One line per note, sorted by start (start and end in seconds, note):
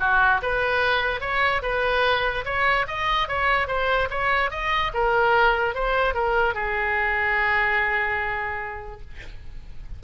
0.00 0.41 F#4
0.42 1.21 B4
1.21 1.62 C#5
1.63 2.45 B4
2.45 2.86 C#5
2.88 3.28 D#5
3.28 3.67 C#5
3.67 4.09 C5
4.10 4.51 C#5
4.51 4.92 D#5
4.94 5.75 A#4
5.75 6.14 C5
6.14 6.55 A#4
6.55 9.01 G#4